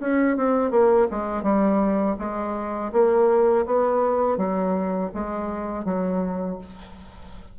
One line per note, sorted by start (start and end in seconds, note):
0.00 0.37 C#4
0.37 0.71 C4
0.71 1.07 A#3
1.11 1.43 G#3
1.43 2.16 G3
2.19 2.92 G#3
2.92 3.66 A#3
3.66 4.37 B3
4.37 5.10 F#3
5.14 5.85 G#3
5.85 6.58 F#3